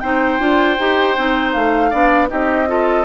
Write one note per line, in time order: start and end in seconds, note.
0.00 0.40 C4
0.00 0.40 D#4
0.00 1.90 C5
0.00 1.52 G5
0.40 0.78 D4
0.40 0.78 F4
0.79 1.17 D#4
0.79 1.17 G4
1.17 1.55 C4
1.17 1.92 D#4
1.52 1.93 A3
1.52 2.28 F5
1.90 2.31 B3
1.90 2.28 D4
1.90 2.28 D5
2.28 3.05 C4
2.28 2.66 D#4
2.28 2.69 G4
2.28 3.05 D#5
2.67 3.05 F4
2.67 3.05 A4